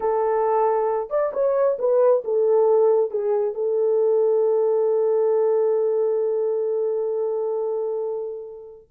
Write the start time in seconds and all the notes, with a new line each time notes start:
0.00 A4
1.09 D5
1.33 C#5
1.78 B4
2.24 A4
3.11 G#4
3.54 A4